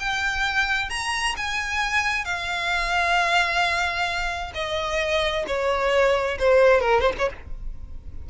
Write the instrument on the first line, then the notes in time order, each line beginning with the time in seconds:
violin
0.00 G5
0.90 A#5
1.37 G#5
2.25 F5
4.55 D#5
5.48 C#5
6.39 C5
6.81 A#4
7.01 C5
7.19 C#5